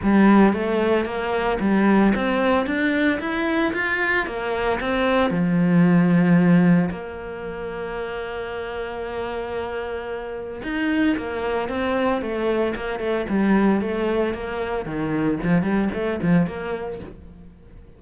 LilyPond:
\new Staff \with { instrumentName = "cello" } { \time 4/4 \tempo 4 = 113 g4 a4 ais4 g4 | c'4 d'4 e'4 f'4 | ais4 c'4 f2~ | f4 ais2.~ |
ais1 | dis'4 ais4 c'4 a4 | ais8 a8 g4 a4 ais4 | dis4 f8 g8 a8 f8 ais4 | }